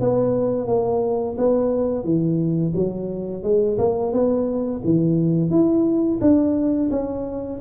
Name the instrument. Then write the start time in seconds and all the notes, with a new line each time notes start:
tuba
0.00 B3
0.67 A#3
1.37 B3
2.04 E3
2.75 F#3
3.43 G#3
3.78 A#3
4.12 B3
4.84 E3
5.50 E4
6.20 D4
6.90 C#4